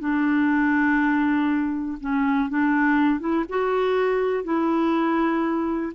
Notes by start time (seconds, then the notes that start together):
0.00 D4
2.01 C#4
2.50 D4
3.20 E4
3.50 F#4
4.44 E4